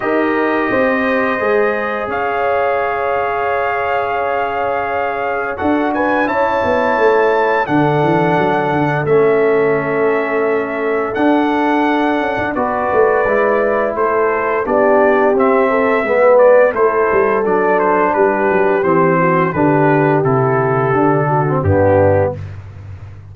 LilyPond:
<<
  \new Staff \with { instrumentName = "trumpet" } { \time 4/4 \tempo 4 = 86 dis''2. f''4~ | f''1 | fis''8 gis''8 a''2 fis''4~ | fis''4 e''2. |
fis''2 d''2 | c''4 d''4 e''4. d''8 | c''4 d''8 c''8 b'4 c''4 | b'4 a'2 g'4 | }
  \new Staff \with { instrumentName = "horn" } { \time 4/4 ais'4 c''2 cis''4~ | cis''1 | a'8 b'8 cis''2 a'4~ | a'1~ |
a'2 b'2 | a'4 g'4. a'8 b'4 | a'2 g'4. fis'8 | g'2~ g'8 fis'8 d'4 | }
  \new Staff \with { instrumentName = "trombone" } { \time 4/4 g'2 gis'2~ | gis'1 | fis'4 e'2 d'4~ | d'4 cis'2. |
d'2 fis'4 e'4~ | e'4 d'4 c'4 b4 | e'4 d'2 c'4 | d'4 e'4 d'8. c'16 b4 | }
  \new Staff \with { instrumentName = "tuba" } { \time 4/4 dis'4 c'4 gis4 cis'4~ | cis'1 | d'4 cis'8 b8 a4 d8 e8 | fis8 d8 a2. |
d'4. cis'16 d'16 b8 a8 gis4 | a4 b4 c'4 gis4 | a8 g8 fis4 g8 fis8 e4 | d4 c4 d4 g,4 | }
>>